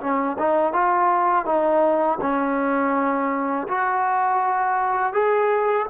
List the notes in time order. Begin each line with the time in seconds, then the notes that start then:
0.00 C#4
0.38 D#4
0.73 F4
1.45 D#4
2.21 C#4
3.68 F#4
5.13 G#4